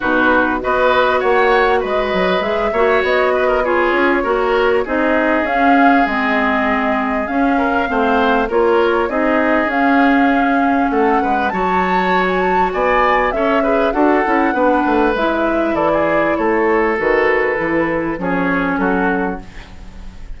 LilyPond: <<
  \new Staff \with { instrumentName = "flute" } { \time 4/4 \tempo 4 = 99 b'4 dis''4 fis''4 dis''4 | e''4 dis''4 cis''2 | dis''4 f''4 dis''2 | f''2 cis''4 dis''4 |
f''2 fis''4 a''4~ | a''16 gis''16 a''8 gis''4 e''4 fis''4~ | fis''4 e''4 d''4 cis''4 | b'2 cis''4 a'4 | }
  \new Staff \with { instrumentName = "oboe" } { \time 4/4 fis'4 b'4 cis''4 b'4~ | b'8 cis''4 b'16 ais'16 gis'4 ais'4 | gis'1~ | gis'8 ais'8 c''4 ais'4 gis'4~ |
gis'2 a'8 b'8 cis''4~ | cis''4 d''4 cis''8 b'8 a'4 | b'2 a'16 gis'8. a'4~ | a'2 gis'4 fis'4 | }
  \new Staff \with { instrumentName = "clarinet" } { \time 4/4 dis'4 fis'2. | gis'8 fis'4. f'4 fis'4 | dis'4 cis'4 c'2 | cis'4 c'4 f'4 dis'4 |
cis'2. fis'4~ | fis'2 a'8 gis'8 fis'8 e'8 | d'4 e'2. | fis'4 e'4 cis'2 | }
  \new Staff \with { instrumentName = "bassoon" } { \time 4/4 b,4 b4 ais4 gis8 fis8 | gis8 ais8 b4. cis'8 ais4 | c'4 cis'4 gis2 | cis'4 a4 ais4 c'4 |
cis'2 a8 gis8 fis4~ | fis4 b4 cis'4 d'8 cis'8 | b8 a8 gis4 e4 a4 | dis4 e4 f4 fis4 | }
>>